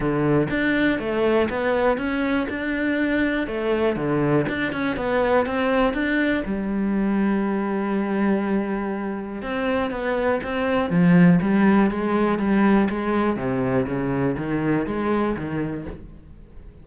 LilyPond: \new Staff \with { instrumentName = "cello" } { \time 4/4 \tempo 4 = 121 d4 d'4 a4 b4 | cis'4 d'2 a4 | d4 d'8 cis'8 b4 c'4 | d'4 g2.~ |
g2. c'4 | b4 c'4 f4 g4 | gis4 g4 gis4 c4 | cis4 dis4 gis4 dis4 | }